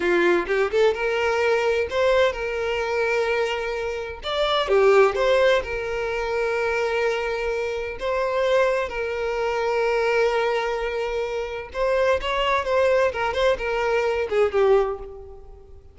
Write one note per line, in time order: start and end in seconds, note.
0.00 0.46 F4
0.47 0.70 G4
0.71 0.94 A4
0.94 1.87 A#4
1.90 2.32 C5
2.32 4.20 A#4
4.23 4.68 D5
4.68 5.15 G4
5.15 5.62 C5
5.63 7.97 A#4
7.99 8.88 C5
8.88 11.70 A#4
11.73 12.20 C5
12.21 12.65 C#5
12.65 13.11 C5
13.12 13.33 A#4
13.33 13.57 C5
13.57 14.28 A#4
14.29 14.52 G#4
14.52 14.99 G4